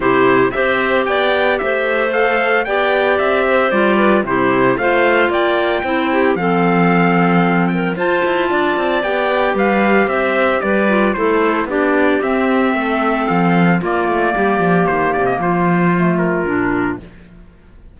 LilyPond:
<<
  \new Staff \with { instrumentName = "trumpet" } { \time 4/4 \tempo 4 = 113 c''4 e''4 g''4 e''4 | f''4 g''4 e''4 d''4 | c''4 f''4 g''2 | f''2~ f''8 g''8 a''4~ |
a''4 g''4 f''4 e''4 | d''4 c''4 d''4 e''4~ | e''4 f''4 d''2 | c''8 d''16 dis''16 c''4. ais'4. | }
  \new Staff \with { instrumentName = "clarinet" } { \time 4/4 g'4 c''4 d''4 c''4~ | c''4 d''4. c''4 b'8 | g'4 c''4 d''4 c''8 g'8 | a'2~ a'8 ais'8 c''4 |
d''2 b'4 c''4 | b'4 a'4 g'2 | a'2 f'4 g'4~ | g'4 f'2. | }
  \new Staff \with { instrumentName = "clarinet" } { \time 4/4 e'4 g'2. | a'4 g'2 f'4 | e'4 f'2 e'4 | c'2. f'4~ |
f'4 g'2.~ | g'8 f'8 e'4 d'4 c'4~ | c'2 ais2~ | ais2 a4 d'4 | }
  \new Staff \with { instrumentName = "cello" } { \time 4/4 c4 c'4 b4 a4~ | a4 b4 c'4 g4 | c4 a4 ais4 c'4 | f2. f'8 e'8 |
d'8 c'8 b4 g4 c'4 | g4 a4 b4 c'4 | a4 f4 ais8 a8 g8 f8 | dis8 c8 f2 ais,4 | }
>>